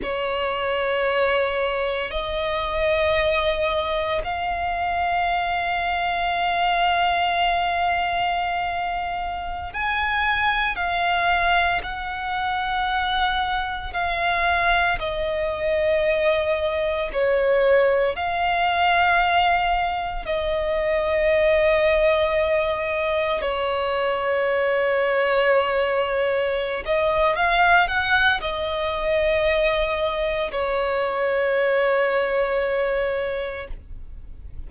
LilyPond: \new Staff \with { instrumentName = "violin" } { \time 4/4 \tempo 4 = 57 cis''2 dis''2 | f''1~ | f''4~ f''16 gis''4 f''4 fis''8.~ | fis''4~ fis''16 f''4 dis''4.~ dis''16~ |
dis''16 cis''4 f''2 dis''8.~ | dis''2~ dis''16 cis''4.~ cis''16~ | cis''4. dis''8 f''8 fis''8 dis''4~ | dis''4 cis''2. | }